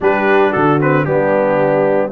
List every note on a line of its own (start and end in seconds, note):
0.00 0.53 G3
0.00 0.80 D4
0.00 0.50 G4
0.00 0.52 B4
0.50 1.06 D3
0.50 1.04 F#4
0.50 0.79 A4
0.80 1.06 C4
0.80 1.04 B4
1.04 2.12 G3
1.04 2.12 B3
1.04 2.12 D4
1.04 2.11 G4